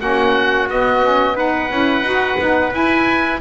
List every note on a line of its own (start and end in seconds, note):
0.00 0.69 A#3
0.00 0.68 C#4
0.00 1.36 F#4
0.00 0.69 F#5
0.69 1.71 B3
0.69 1.02 B3
0.69 1.38 D#5
1.02 1.36 C#4
1.36 1.70 D#4
1.36 3.40 B4
1.36 2.74 F#5
1.70 2.02 C#4
1.70 2.04 E4
2.02 2.36 D#4
2.02 2.38 F#4
2.39 2.73 B3
2.39 2.72 D#4
2.72 3.40 E4
2.72 3.41 E4
2.72 3.41 G#5